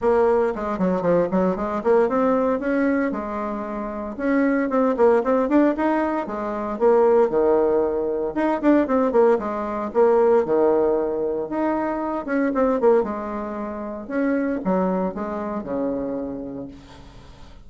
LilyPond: \new Staff \with { instrumentName = "bassoon" } { \time 4/4 \tempo 4 = 115 ais4 gis8 fis8 f8 fis8 gis8 ais8 | c'4 cis'4 gis2 | cis'4 c'8 ais8 c'8 d'8 dis'4 | gis4 ais4 dis2 |
dis'8 d'8 c'8 ais8 gis4 ais4 | dis2 dis'4. cis'8 | c'8 ais8 gis2 cis'4 | fis4 gis4 cis2 | }